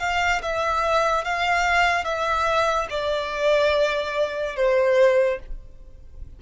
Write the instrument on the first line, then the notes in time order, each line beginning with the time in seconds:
violin
0.00 F5
0.42 E5
1.25 F5
2.05 E5
2.91 D5
4.56 C5